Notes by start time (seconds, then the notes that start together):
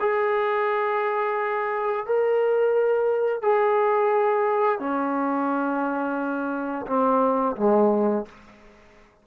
0.00 G#4
2.06 A#4
3.42 G#4
4.79 C#4
6.87 C4
7.56 G#3